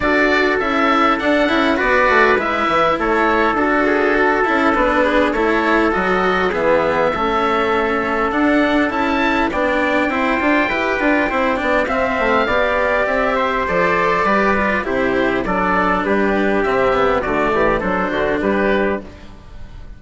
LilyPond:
<<
  \new Staff \with { instrumentName = "oboe" } { \time 4/4 \tempo 4 = 101 d''4 e''4 fis''4 d''4 | e''4 cis''4 a'2 | b'4 cis''4 dis''4 e''4~ | e''2 fis''4 a''4 |
g''1 | f''2 e''4 d''4~ | d''4 c''4 d''4 b'4 | e''4 d''4 c''4 b'4 | }
  \new Staff \with { instrumentName = "trumpet" } { \time 4/4 a'2. b'4~ | b'4 a'4. gis'8 a'4~ | a'8 gis'8 a'2 gis'4 | a'1 |
d''4 c''4 b'4 c''8 d''8 | e''4 d''4. c''4. | b'4 g'4 a'4 g'4~ | g'4 fis'8 g'8 a'8 fis'8 g'4 | }
  \new Staff \with { instrumentName = "cello" } { \time 4/4 fis'4 e'4 d'8 e'8 fis'4 | e'2 fis'4. e'8 | d'4 e'4 fis'4 b4 | cis'2 d'4 e'4 |
d'4 e'8 f'8 g'8 f'8 e'8 d'8 | c'4 g'2 a'4 | g'8 f'8 e'4 d'2 | c'8 b8 a4 d'2 | }
  \new Staff \with { instrumentName = "bassoon" } { \time 4/4 d'4 cis'4 d'8 cis'8 b8 a8 | gis8 e8 a4 d'4. cis'8 | b4 a4 fis4 e4 | a2 d'4 cis'4 |
b4 c'8 d'8 e'8 d'8 c'8 b8 | c'8 a8 b4 c'4 f4 | g4 c4 fis4 g4 | c4 d8 e8 fis8 d8 g4 | }
>>